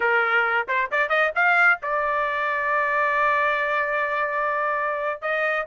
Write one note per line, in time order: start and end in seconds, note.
0.00 0.67 A#4
0.68 0.90 C5
0.91 1.09 D5
1.09 1.31 D#5
1.35 1.79 F5
1.82 5.21 D5
5.21 5.66 D#5